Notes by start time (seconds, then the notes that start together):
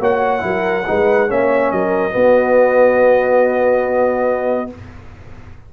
0.00 A#3 F#4 C#5 F#5
0.39 F#3 E4 A#4
0.87 G#3 D#4 B4
1.28 A#3 C#4 C#5 E5
1.71 F#3 A#4 D#5
2.10 B3 F#4